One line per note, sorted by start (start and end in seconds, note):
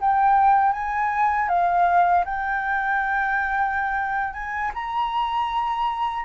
0.00 0.72 G5
0.72 1.48 G#5
1.48 2.24 F5
2.24 4.33 G5
4.33 4.71 G#5
4.74 6.25 A#5